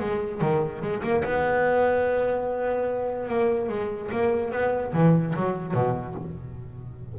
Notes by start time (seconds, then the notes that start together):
0.00 G#3
0.41 D#3
0.82 G#3
1.03 A#3
1.24 B3
3.29 A#3
3.69 G#3
4.12 A#3
4.51 B3
4.93 E3
5.36 F#3
5.74 B2